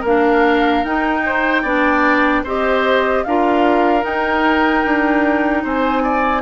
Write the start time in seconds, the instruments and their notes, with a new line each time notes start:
0.00 bassoon A#3, clarinet D4, oboe A#4, flute F5
0.83 bassoon D#4, clarinet D#4, flute G5
1.25 oboe C5
1.62 bassoon B3, clarinet D4, oboe D5
2.43 bassoon C4, clarinet G4, oboe C5, flute D#5
3.24 bassoon D4, clarinet F4, oboe A#4, flute F5
4.01 clarinet D#4, bassoon D#4, flute G5
4.84 bassoon D4
5.63 bassoon C4, oboe C5, flute G#5
6.03 oboe D5